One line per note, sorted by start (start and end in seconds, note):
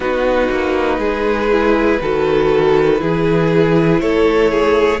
0.00 0.48 B3
0.00 1.50 D#4
0.00 0.99 F#4
0.00 4.00 B4
0.51 0.98 A#3
0.98 1.98 G#3
0.98 1.99 G#4
1.51 2.01 E4
2.01 3.01 D#3
2.01 2.99 F#4
2.01 3.01 A4
2.99 4.01 E3
2.99 4.99 E4
2.99 4.01 G#4
4.00 5.00 A3
4.00 4.51 A4
4.00 5.00 C#5
4.51 5.00 G#4